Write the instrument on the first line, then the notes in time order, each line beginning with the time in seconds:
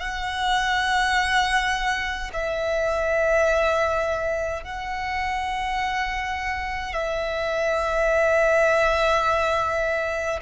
violin
0.00 F#5
2.34 E5
4.64 F#5
6.94 E5